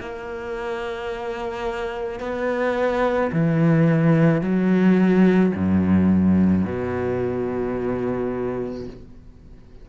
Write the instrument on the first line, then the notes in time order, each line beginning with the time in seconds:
cello
0.00 A#3
2.20 B3
3.32 E3
4.41 F#3
5.55 F#2
6.65 B2